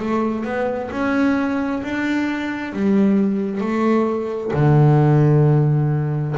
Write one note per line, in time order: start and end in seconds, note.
0.00 0.45 A3
0.45 0.90 B3
0.92 1.83 C#4
1.84 2.74 D4
2.74 3.61 G3
3.61 4.52 A3
4.54 6.36 D3